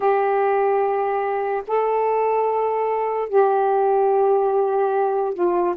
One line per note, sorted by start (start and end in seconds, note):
0.00 1.62 G4
1.67 3.28 A4
3.28 5.33 G4
5.33 5.75 F4